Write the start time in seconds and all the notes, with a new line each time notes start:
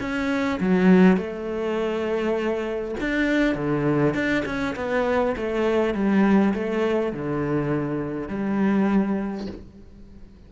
0.00 C#4
0.60 F#3
1.17 A3
3.00 D4
3.55 D3
4.14 D4
4.46 C#4
4.76 B3
5.37 A3
5.94 G3
6.54 A3
7.13 D3
8.28 G3